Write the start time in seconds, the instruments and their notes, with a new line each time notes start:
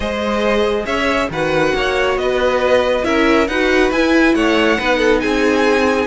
0.00 cello G#3, viola G#4, violin C5 D#5
0.85 cello C#4, violin C#5 E5
1.29 cello D#3, viola F#4, violin B4 F#5
1.74 cello A#3, violin C#5
2.16 cello B3, violin B4 D#5
3.03 cello C#4, viola E4, violin A#4 E5
3.47 cello D#4, viola F#4, violin B4 F#5
3.91 cello E4, viola E4, violin G#5
4.34 cello A3, violin C#5 F#5
4.78 cello B3, viola D#4, violin B4
4.97 violin A4
5.20 cello C4, violin G#4 G#5